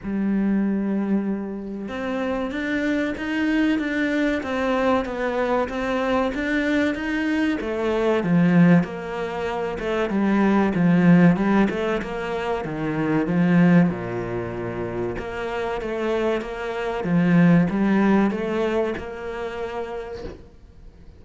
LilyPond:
\new Staff \with { instrumentName = "cello" } { \time 4/4 \tempo 4 = 95 g2. c'4 | d'4 dis'4 d'4 c'4 | b4 c'4 d'4 dis'4 | a4 f4 ais4. a8 |
g4 f4 g8 a8 ais4 | dis4 f4 ais,2 | ais4 a4 ais4 f4 | g4 a4 ais2 | }